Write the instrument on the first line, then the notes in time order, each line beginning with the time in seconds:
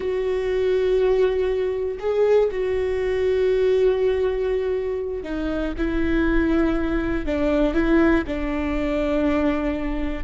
viola
0.00 F#4
1.99 G#4
2.51 F#4
5.23 D#4
5.77 E4
7.25 D4
7.73 E4
8.26 D4